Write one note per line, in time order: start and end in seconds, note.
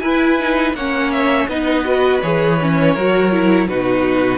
0.00 0.74 E4
0.00 0.39 E4
0.00 0.76 B4
0.00 0.73 G#5
0.39 0.76 D#4
0.74 1.47 A#3
0.74 1.50 C#4
0.74 1.49 C#5
0.74 1.12 F#5
1.12 1.48 E5
1.48 2.21 B3
1.48 1.85 D#4
1.48 2.94 B4
1.48 2.22 D#5
1.85 2.21 F#4
2.22 2.96 E3
2.22 2.60 G#4
2.22 3.68 C#5
2.61 2.97 C#4
2.94 3.68 F#3
2.94 3.32 F#4
2.94 3.67 A#4
3.32 3.69 E4
3.68 4.39 B2
3.68 4.39 D#4
3.68 4.39 F#4
3.68 4.39 B4